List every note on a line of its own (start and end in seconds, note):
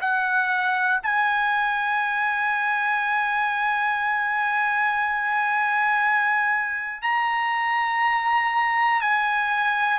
0.00 1.00 F#5
1.02 7.01 G#5
7.01 9.00 A#5
9.00 9.99 G#5